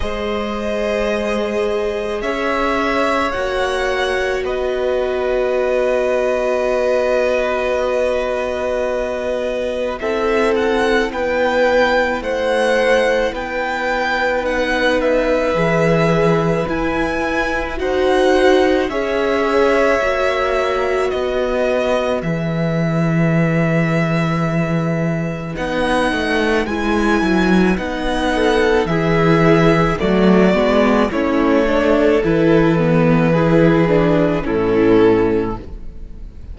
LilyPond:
<<
  \new Staff \with { instrumentName = "violin" } { \time 4/4 \tempo 4 = 54 dis''2 e''4 fis''4 | dis''1~ | dis''4 e''8 fis''8 g''4 fis''4 | g''4 fis''8 e''4. gis''4 |
fis''4 e''2 dis''4 | e''2. fis''4 | gis''4 fis''4 e''4 d''4 | cis''4 b'2 a'4 | }
  \new Staff \with { instrumentName = "violin" } { \time 4/4 c''2 cis''2 | b'1~ | b'4 a'4 b'4 c''4 | b'1 |
c''4 cis''2 b'4~ | b'1~ | b'4. a'8 gis'4 fis'4 | e'8 a'4. gis'4 e'4 | }
  \new Staff \with { instrumentName = "viola" } { \time 4/4 gis'2. fis'4~ | fis'1~ | fis'4 e'2.~ | e'4 dis'4 gis'4 e'4 |
fis'4 gis'4 fis'2 | gis'2. dis'4 | e'4 dis'4 e'4 a8 b8 | cis'8 d'8 e'8 b8 e'8 d'8 cis'4 | }
  \new Staff \with { instrumentName = "cello" } { \time 4/4 gis2 cis'4 ais4 | b1~ | b4 c'4 b4 a4 | b2 e4 e'4 |
dis'4 cis'4 ais4 b4 | e2. b8 a8 | gis8 fis8 b4 e4 fis8 gis8 | a4 e2 a,4 | }
>>